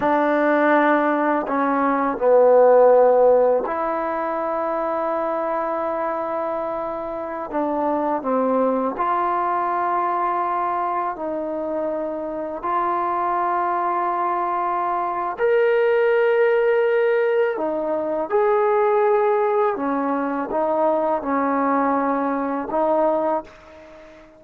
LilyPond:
\new Staff \with { instrumentName = "trombone" } { \time 4/4 \tempo 4 = 82 d'2 cis'4 b4~ | b4 e'2.~ | e'2~ e'16 d'4 c'8.~ | c'16 f'2. dis'8.~ |
dis'4~ dis'16 f'2~ f'8.~ | f'4 ais'2. | dis'4 gis'2 cis'4 | dis'4 cis'2 dis'4 | }